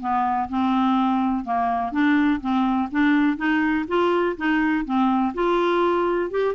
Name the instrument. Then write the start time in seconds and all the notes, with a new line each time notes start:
clarinet
0.00 B3
0.49 C4
1.45 A#3
1.92 D4
2.41 C4
2.91 D4
3.37 D#4
3.88 F4
4.37 D#4
4.85 C4
5.34 F4
6.30 G4